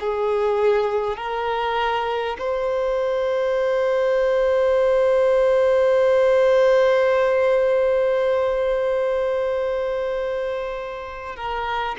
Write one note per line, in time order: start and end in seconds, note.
0.00 1.17 G#4
1.17 2.37 A#4
2.39 11.36 C5
11.36 11.96 A#4